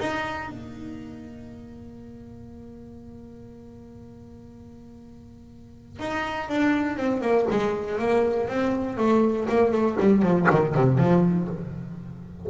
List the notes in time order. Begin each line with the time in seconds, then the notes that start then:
0.00 D#4
0.50 A#3
5.99 D#4
6.49 D4
6.97 C4
7.21 A#3
7.51 G#3
7.99 A#3
8.48 C4
8.97 A3
9.49 A#3
9.72 A3
10.00 G3
10.22 F3
10.50 D#3
10.75 C3
10.98 F3